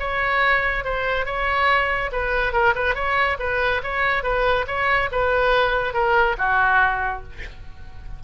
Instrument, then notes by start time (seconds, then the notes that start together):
oboe
0.00 C#5
0.85 C5
1.26 C#5
2.13 B4
2.53 A#4
2.76 B4
2.95 C#5
3.40 B4
3.84 C#5
4.24 B4
4.68 C#5
5.12 B4
5.94 A#4
6.38 F#4